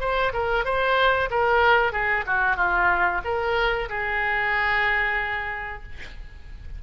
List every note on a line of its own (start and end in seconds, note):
0.00 0.32 C5
0.33 0.65 A#4
0.65 1.29 C5
1.30 1.92 A#4
1.92 2.24 G#4
2.26 2.56 F#4
2.56 3.21 F4
3.24 3.89 A#4
3.89 5.82 G#4